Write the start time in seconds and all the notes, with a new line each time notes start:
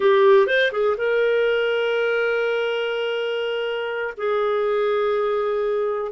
0.00 G4
0.47 C5
0.72 G#4
0.97 A#4
4.17 G#4